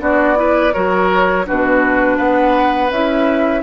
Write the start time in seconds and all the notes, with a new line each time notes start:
0.00 B3 D4 F#4 D5
0.36 E4 B4
0.74 F#3 F#4 A#4 C#5
1.45 B2 D4 F#4 B4
2.17 B3 B4 F#5
2.91 C#4 E4 E5